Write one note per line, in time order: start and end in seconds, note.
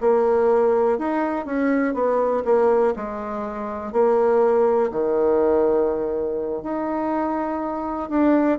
0.00 0.98 A#3
0.98 1.45 D#4
1.45 1.94 C#4
1.94 2.43 B3
2.45 2.94 A#3
2.96 3.92 G#3
3.92 4.90 A#3
4.91 6.63 D#3
6.63 8.09 D#4
8.09 8.58 D4